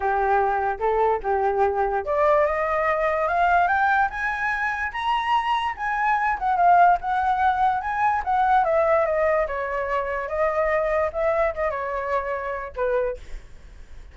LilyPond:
\new Staff \with { instrumentName = "flute" } { \time 4/4 \tempo 4 = 146 g'2 a'4 g'4~ | g'4 d''4 dis''2 | f''4 g''4 gis''2 | ais''2 gis''4. fis''8 |
f''4 fis''2 gis''4 | fis''4 e''4 dis''4 cis''4~ | cis''4 dis''2 e''4 | dis''8 cis''2~ cis''8 b'4 | }